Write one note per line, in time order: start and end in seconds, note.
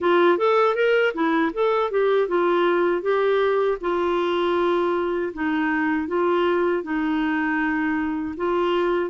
0.00 0.38 F4
0.38 0.75 A4
0.75 1.13 A#4
1.14 1.52 E4
1.53 1.91 A4
1.91 2.28 G4
2.28 3.02 F4
3.02 3.78 G4
3.80 5.32 F4
5.33 6.07 D#4
6.07 6.83 F4
6.83 8.35 D#4
8.36 9.10 F4